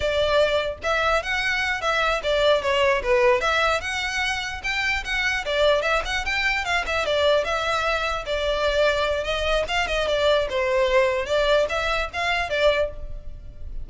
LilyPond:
\new Staff \with { instrumentName = "violin" } { \time 4/4 \tempo 4 = 149 d''2 e''4 fis''4~ | fis''8 e''4 d''4 cis''4 b'8~ | b'8 e''4 fis''2 g''8~ | g''8 fis''4 d''4 e''8 fis''8 g''8~ |
g''8 f''8 e''8 d''4 e''4.~ | e''8 d''2~ d''8 dis''4 | f''8 dis''8 d''4 c''2 | d''4 e''4 f''4 d''4 | }